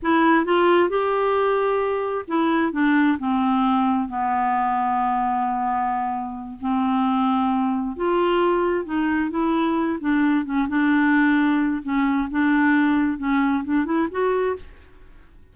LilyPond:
\new Staff \with { instrumentName = "clarinet" } { \time 4/4 \tempo 4 = 132 e'4 f'4 g'2~ | g'4 e'4 d'4 c'4~ | c'4 b2.~ | b2~ b8 c'4.~ |
c'4. f'2 dis'8~ | dis'8 e'4. d'4 cis'8 d'8~ | d'2 cis'4 d'4~ | d'4 cis'4 d'8 e'8 fis'4 | }